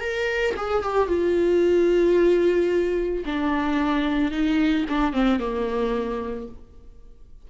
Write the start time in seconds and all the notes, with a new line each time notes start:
0.00 A#4
0.57 G#4
0.83 G4
1.08 F4
3.26 D4
4.31 D#4
4.89 D4
5.13 C4
5.40 A#3